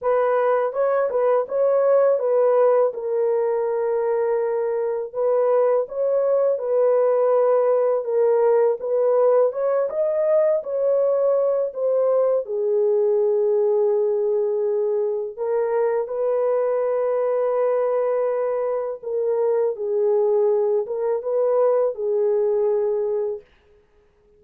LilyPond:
\new Staff \with { instrumentName = "horn" } { \time 4/4 \tempo 4 = 82 b'4 cis''8 b'8 cis''4 b'4 | ais'2. b'4 | cis''4 b'2 ais'4 | b'4 cis''8 dis''4 cis''4. |
c''4 gis'2.~ | gis'4 ais'4 b'2~ | b'2 ais'4 gis'4~ | gis'8 ais'8 b'4 gis'2 | }